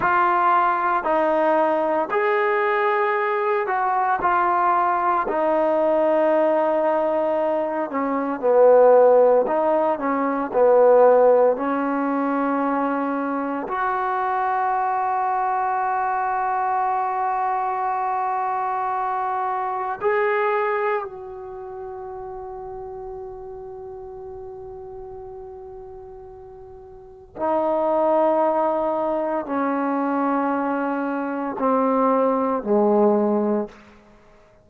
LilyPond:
\new Staff \with { instrumentName = "trombone" } { \time 4/4 \tempo 4 = 57 f'4 dis'4 gis'4. fis'8 | f'4 dis'2~ dis'8 cis'8 | b4 dis'8 cis'8 b4 cis'4~ | cis'4 fis'2.~ |
fis'2. gis'4 | fis'1~ | fis'2 dis'2 | cis'2 c'4 gis4 | }